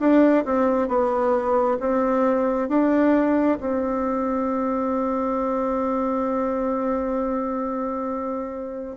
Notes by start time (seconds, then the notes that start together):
0.00 D4
0.45 C4
0.89 B3
1.80 C4
2.69 D4
3.61 C4